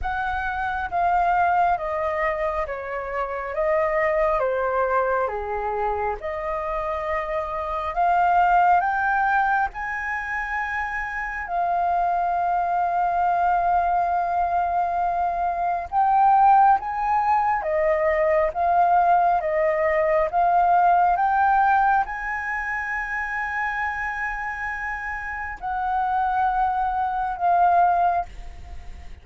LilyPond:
\new Staff \with { instrumentName = "flute" } { \time 4/4 \tempo 4 = 68 fis''4 f''4 dis''4 cis''4 | dis''4 c''4 gis'4 dis''4~ | dis''4 f''4 g''4 gis''4~ | gis''4 f''2.~ |
f''2 g''4 gis''4 | dis''4 f''4 dis''4 f''4 | g''4 gis''2.~ | gis''4 fis''2 f''4 | }